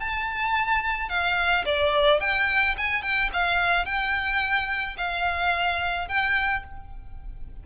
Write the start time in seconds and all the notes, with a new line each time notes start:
0.00 A5
1.09 F5
1.65 D5
2.20 G5
2.77 G#5
3.02 G5
3.33 F5
3.85 G5
4.97 F5
6.08 G5